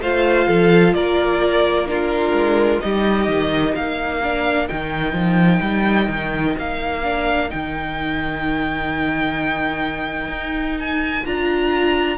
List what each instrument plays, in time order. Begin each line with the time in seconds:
0.00 cello A3, viola F4, violin C5 F5
0.47 cello F3, violin A4
0.93 cello A#3, violin A#4 D5
1.86 viola D4, violin F4 A#4
2.31 cello G#3
2.80 cello G3, viola D#4, violin G4 D#5
3.27 cello D#3
3.74 cello A#3, violin A#4 F5
4.22 viola D4
4.68 cello D#3, viola D#4, violin G5
5.12 cello F3
5.61 cello G3
6.08 cello D#3
6.57 cello A#3, violin F5
7.03 viola D4
7.49 cello D#3, viola D#4, violin G5
10.28 cello D#4
10.79 violin G#5
11.24 cello D4, viola F4, violin A#5